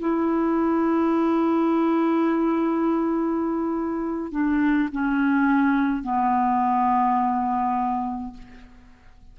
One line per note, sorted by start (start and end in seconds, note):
0.00 4.32 E4
4.32 4.89 D4
4.92 6.03 C#4
6.03 8.33 B3